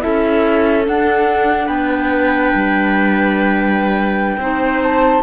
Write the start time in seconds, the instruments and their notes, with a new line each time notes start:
0.00 cello C#4, clarinet E4, viola A4, flute E5
0.84 clarinet D4, cello D4, flute F#5
1.67 cello B3, viola B4, flute G5
2.54 cello G3
4.37 cello C4, clarinet D#4, viola C5
4.83 flute A5